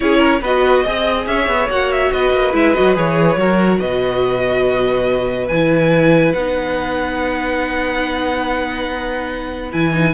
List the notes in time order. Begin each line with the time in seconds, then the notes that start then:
0.00 C#4 E4 G#4 C#5
0.18 A#4
0.41 B3 F#4 B4 D#5
0.83 C4 G#4 D#5
1.26 C#4 C#5 E5
1.47 B3
1.69 A#3 F#4 F#5
1.91 E5
2.11 B3 B4 D#5
2.32 A#3
2.53 G#3 E4 E5
2.74 F#3 F#4 D#5
2.94 E3 G#4 C#5
3.36 F#3 F#4 A#4
3.79 B2 B4 D#5
5.48 E3 E4 G#5
6.32 B3 D#4 F#5
9.72 E3 E4 G#5
9.92 D#4